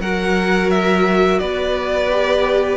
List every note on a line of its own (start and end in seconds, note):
0.00 1.40 F#3
0.00 2.11 F#4
0.00 1.41 A#4
0.00 0.70 F#5
0.70 1.39 E5
1.39 2.77 B3
1.39 2.77 B4
1.39 2.77 D5
2.11 2.77 G4